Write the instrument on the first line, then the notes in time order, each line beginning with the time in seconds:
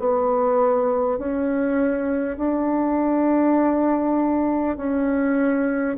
bassoon
0.00 B3
1.19 C#4
2.38 D4
4.77 C#4